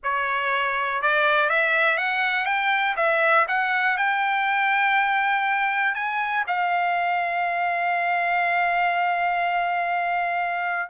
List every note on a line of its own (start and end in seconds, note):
0.03 1.02 C#5
1.02 1.49 D5
1.49 1.97 E5
1.97 2.45 F#5
2.45 2.95 G5
2.96 3.46 E5
3.48 3.97 F#5
3.97 5.94 G5
5.94 6.44 G#5
6.47 10.89 F5